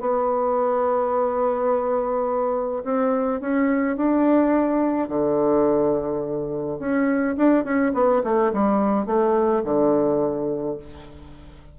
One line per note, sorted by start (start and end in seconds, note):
0.00 2.83 B3
2.84 3.40 C4
3.41 3.96 C#4
3.96 5.08 D4
5.08 6.78 D3
6.79 7.36 C#4
7.37 7.64 D4
7.64 7.92 C#4
7.93 8.22 B3
8.24 8.52 A3
8.53 9.06 G3
9.06 9.63 A3
9.64 10.77 D3